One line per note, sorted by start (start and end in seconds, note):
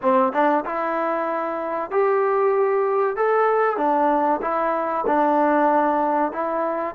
0.01 0.32 C4
0.32 0.64 D4
0.65 1.90 E4
1.90 3.16 G4
3.16 3.77 A4
3.77 4.40 D4
4.41 5.04 E4
5.07 6.32 D4
6.32 6.95 E4